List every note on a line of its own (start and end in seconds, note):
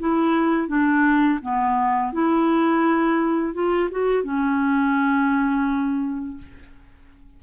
0.00 0.68 E4
0.68 1.40 D4
1.42 2.13 B3
2.13 3.54 E4
3.54 3.90 F4
3.91 4.24 F#4
4.24 6.38 C#4